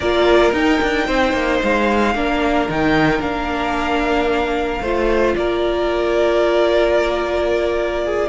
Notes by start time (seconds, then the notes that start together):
0.00 A#3 F4 A#4 D5
0.52 D#4 G5
0.81 D4
1.06 C4 C5
1.33 A#3
1.63 G#3 F5
2.14 A#3 D4 A#4
2.68 D#3 D#4 G5
3.19 A#3 D4 F5
4.81 A3 F4 C5
5.35 A#3 A#4 D5
8.04 G#4